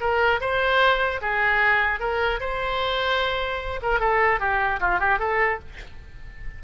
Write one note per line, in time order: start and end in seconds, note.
0.00 0.40 A#4
0.40 1.20 C5
1.21 1.99 G#4
1.99 2.39 A#4
2.40 3.80 C5
3.82 4.00 A#4
4.00 4.39 A4
4.39 4.79 G4
4.80 4.99 F4
4.99 5.19 G4
5.19 5.59 A4